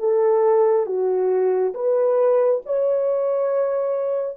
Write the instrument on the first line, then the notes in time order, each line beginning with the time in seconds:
horn
0.00 A4
0.87 F#4
1.75 B4
2.66 C#5